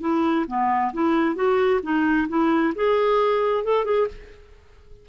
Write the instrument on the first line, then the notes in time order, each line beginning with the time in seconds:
clarinet
0.00 E4
0.47 B3
0.93 E4
1.35 F#4
1.82 D#4
2.28 E4
2.75 G#4
3.64 A4
3.84 G#4